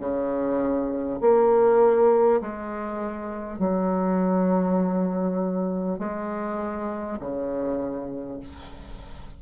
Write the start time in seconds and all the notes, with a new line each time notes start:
0.00 C#3
1.21 A#3
2.41 G#3
3.59 F#3
5.99 G#3
7.19 C#3